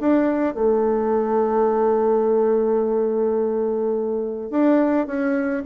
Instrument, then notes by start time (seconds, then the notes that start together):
bassoon
0.00 D4
0.54 A3
4.50 D4
5.07 C#4